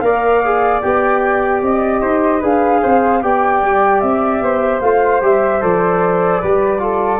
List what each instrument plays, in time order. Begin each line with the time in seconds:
0.00 tuba A#3, trombone A#4, flute D5 F5
0.44 trombone G#4
0.81 tuba B3, trombone G4, flute G5
1.62 tuba C4, flute D#5
2.01 tuba D#4, flute C5
2.39 tuba D4, trombone G#4, flute B4 F5
2.82 tuba C4, flute C5
3.21 tuba B3, trombone G4, flute D5 G5
3.62 tuba G3
4.00 tuba C4, flute E5
4.41 tuba B3, flute C5
4.80 tuba A3, trombone F4, flute F5
5.21 tuba G3, trombone G4, flute E5
5.61 tuba F3, trombone A4, flute D5
6.41 tuba G3, trombone G4, flute B4
6.78 trombone F4, flute A4